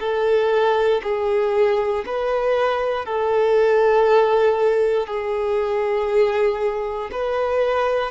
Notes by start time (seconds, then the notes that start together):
0.00 A4
1.04 G#4
2.06 B4
3.06 A4
5.08 G#4
7.12 B4